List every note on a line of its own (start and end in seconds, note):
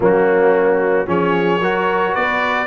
0.00 1.05 F#3
0.00 1.06 A#3
0.00 1.07 C#4
0.00 1.09 F#4
1.06 1.59 F3
1.06 1.60 C#4
1.06 1.60 G#4
1.06 2.14 C#5
1.59 2.13 F#3
1.59 2.66 F#4
1.59 2.12 A#4
2.12 2.66 B3
2.12 2.66 B4
2.12 2.66 D5